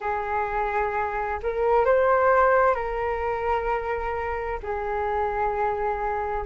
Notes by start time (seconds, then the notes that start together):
0.00 G#4
1.42 A#4
1.85 C5
2.74 A#4
4.62 G#4